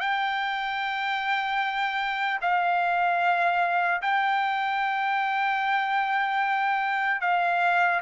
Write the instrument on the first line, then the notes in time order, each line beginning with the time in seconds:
trumpet
0.00 G5
2.41 F5
4.02 G5
7.21 F5